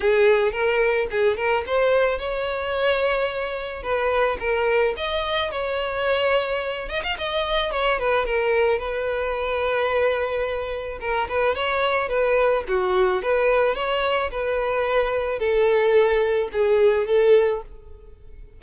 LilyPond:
\new Staff \with { instrumentName = "violin" } { \time 4/4 \tempo 4 = 109 gis'4 ais'4 gis'8 ais'8 c''4 | cis''2. b'4 | ais'4 dis''4 cis''2~ | cis''8 dis''16 f''16 dis''4 cis''8 b'8 ais'4 |
b'1 | ais'8 b'8 cis''4 b'4 fis'4 | b'4 cis''4 b'2 | a'2 gis'4 a'4 | }